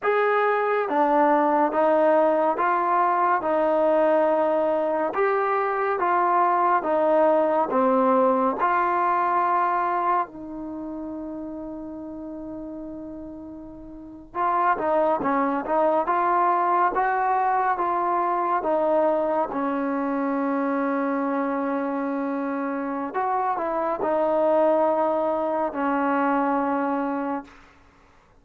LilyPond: \new Staff \with { instrumentName = "trombone" } { \time 4/4 \tempo 4 = 70 gis'4 d'4 dis'4 f'4 | dis'2 g'4 f'4 | dis'4 c'4 f'2 | dis'1~ |
dis'8. f'8 dis'8 cis'8 dis'8 f'4 fis'16~ | fis'8. f'4 dis'4 cis'4~ cis'16~ | cis'2. fis'8 e'8 | dis'2 cis'2 | }